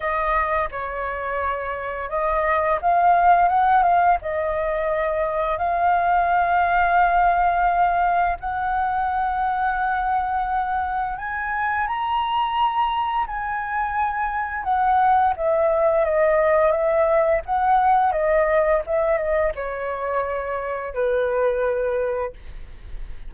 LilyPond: \new Staff \with { instrumentName = "flute" } { \time 4/4 \tempo 4 = 86 dis''4 cis''2 dis''4 | f''4 fis''8 f''8 dis''2 | f''1 | fis''1 |
gis''4 ais''2 gis''4~ | gis''4 fis''4 e''4 dis''4 | e''4 fis''4 dis''4 e''8 dis''8 | cis''2 b'2 | }